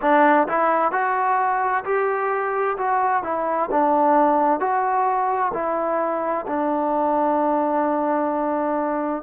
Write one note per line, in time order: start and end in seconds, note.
0.01 0.47 D4
0.47 0.91 E4
0.91 1.83 F#4
1.84 2.77 G4
2.77 3.23 F#4
3.23 3.69 E4
3.71 4.59 D4
4.59 5.52 F#4
5.53 6.45 E4
6.47 9.23 D4